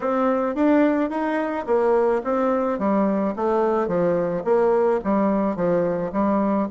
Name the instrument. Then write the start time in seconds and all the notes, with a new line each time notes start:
bassoon
0.00 C4
0.55 D4
1.10 D#4
1.66 A#3
2.24 C4
2.78 G3
3.35 A3
3.87 F3
4.44 A#3
5.04 G3
5.56 F3
6.12 G3